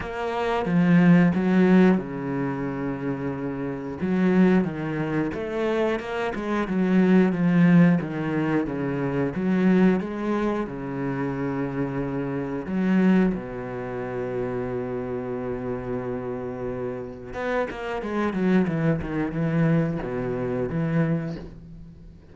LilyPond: \new Staff \with { instrumentName = "cello" } { \time 4/4 \tempo 4 = 90 ais4 f4 fis4 cis4~ | cis2 fis4 dis4 | a4 ais8 gis8 fis4 f4 | dis4 cis4 fis4 gis4 |
cis2. fis4 | b,1~ | b,2 b8 ais8 gis8 fis8 | e8 dis8 e4 b,4 e4 | }